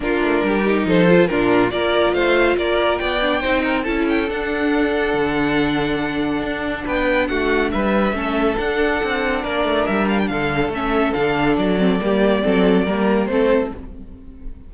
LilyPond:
<<
  \new Staff \with { instrumentName = "violin" } { \time 4/4 \tempo 4 = 140 ais'2 c''4 ais'4 | d''4 f''4 d''4 g''4~ | g''4 a''8 g''8 fis''2~ | fis''1 |
g''4 fis''4 e''2 | fis''2 d''4 e''8 f''16 g''16 | f''4 e''4 f''4 d''4~ | d''2. c''4 | }
  \new Staff \with { instrumentName = "violin" } { \time 4/4 f'4 g'4 a'4 f'4 | ais'4 c''4 ais'4 d''4 | c''8 ais'8 a'2.~ | a'1 |
b'4 fis'4 b'4 a'4~ | a'2 ais'2 | a'1 | g'4 a'4 ais'4 a'4 | }
  \new Staff \with { instrumentName = "viola" } { \time 4/4 d'4. dis'4 f'8 d'4 | f'2.~ f'8 d'8 | dis'4 e'4 d'2~ | d'1~ |
d'2. cis'4 | d'1~ | d'4 cis'4 d'4. c'8 | ais4 c'4 ais4 c'4 | }
  \new Staff \with { instrumentName = "cello" } { \time 4/4 ais8 a8 g4 f4 ais,4 | ais4 a4 ais4 b4 | c'4 cis'4 d'2 | d2. d'4 |
b4 a4 g4 a4 | d'4 c'4 ais8 a8 g4 | d4 a4 d4 fis4 | g4 fis4 g4 a4 | }
>>